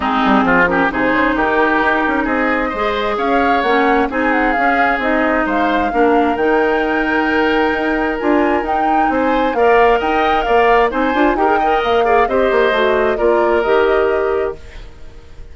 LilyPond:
<<
  \new Staff \with { instrumentName = "flute" } { \time 4/4 \tempo 4 = 132 gis'4. ais'8 c''4 ais'4~ | ais'4 dis''2 f''4 | fis''4 gis''8 fis''8 f''4 dis''4 | f''2 g''2~ |
g''2 gis''4 g''4 | gis''4 f''4 g''4 f''4 | gis''4 g''4 f''4 dis''4~ | dis''4 d''4 dis''2 | }
  \new Staff \with { instrumentName = "oboe" } { \time 4/4 dis'4 f'8 g'8 gis'4 g'4~ | g'4 gis'4 c''4 cis''4~ | cis''4 gis'2. | c''4 ais'2.~ |
ais'1 | c''4 d''4 dis''4 d''4 | c''4 ais'8 dis''4 d''8 c''4~ | c''4 ais'2. | }
  \new Staff \with { instrumentName = "clarinet" } { \time 4/4 c'4. cis'8 dis'2~ | dis'2 gis'2 | cis'4 dis'4 cis'4 dis'4~ | dis'4 d'4 dis'2~ |
dis'2 f'4 dis'4~ | dis'4 ais'2. | dis'8 f'8 g'16 gis'16 ais'4 gis'8 g'4 | fis'4 f'4 g'2 | }
  \new Staff \with { instrumentName = "bassoon" } { \time 4/4 gis8 g8 f4 c8 cis8 dis4 | dis'8 cis'8 c'4 gis4 cis'4 | ais4 c'4 cis'4 c'4 | gis4 ais4 dis2~ |
dis4 dis'4 d'4 dis'4 | c'4 ais4 dis'4 ais4 | c'8 d'8 dis'4 ais4 c'8 ais8 | a4 ais4 dis2 | }
>>